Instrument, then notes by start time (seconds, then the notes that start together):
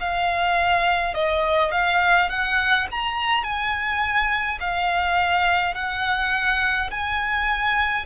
violin
0.00 F5
1.14 D#5
1.72 F5
2.30 F#5
2.91 A#5
3.44 G#5
4.60 F5
5.75 F#5
6.91 G#5